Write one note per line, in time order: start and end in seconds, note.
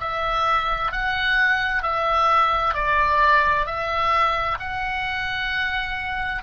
0.00 0.91 E5
0.91 1.83 F#5
1.83 2.74 E5
2.74 3.66 D5
3.66 4.58 E5
4.59 6.42 F#5